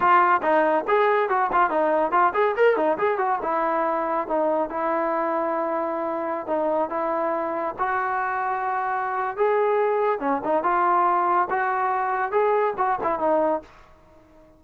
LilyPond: \new Staff \with { instrumentName = "trombone" } { \time 4/4 \tempo 4 = 141 f'4 dis'4 gis'4 fis'8 f'8 | dis'4 f'8 gis'8 ais'8 dis'8 gis'8 fis'8 | e'2 dis'4 e'4~ | e'2.~ e'16 dis'8.~ |
dis'16 e'2 fis'4.~ fis'16~ | fis'2 gis'2 | cis'8 dis'8 f'2 fis'4~ | fis'4 gis'4 fis'8 e'8 dis'4 | }